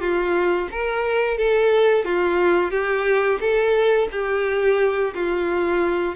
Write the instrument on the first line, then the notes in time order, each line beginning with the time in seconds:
violin
0.00 F4
0.71 A#4
1.38 A4
2.05 F4
2.71 G4
3.40 A4
4.12 G4
5.14 F4